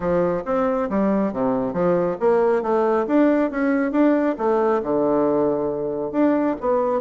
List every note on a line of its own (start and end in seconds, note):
0.00 0.43 F3
0.45 0.89 C4
0.89 1.32 G3
1.32 1.73 C3
1.73 2.16 F3
2.20 2.62 A#3
2.62 3.06 A3
3.07 3.50 D4
3.50 3.91 C#4
3.91 4.35 D4
4.37 4.81 A3
4.82 6.11 D3
6.11 6.55 D4
6.60 7.01 B3